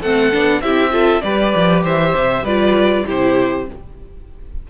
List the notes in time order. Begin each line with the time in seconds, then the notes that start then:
0.00 A3 C4 A4 F#5
0.32 B3 D4
0.62 C4 E4 G4 E5
0.91 F4 A4
1.22 G3 G4 B4 D5
1.56 F3
1.84 E3 C5 E5
2.16 C3
2.44 G3 F4 B4 D5
3.06 C3 E4 G4 C5